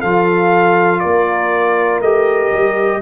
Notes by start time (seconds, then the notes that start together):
0.00 F3 F4 A4 F5
1.00 A#3 A#4 D5
2.00 A3 G4 D#5
2.51 G3